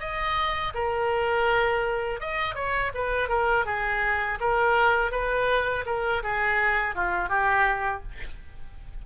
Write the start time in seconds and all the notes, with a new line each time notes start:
0.00 D#5
0.75 A#4
2.20 D#5
2.55 C#5
2.94 B4
3.29 A#4
3.66 G#4
4.40 A#4
5.12 B4
5.86 A#4
6.23 G#4
6.95 F4
7.29 G4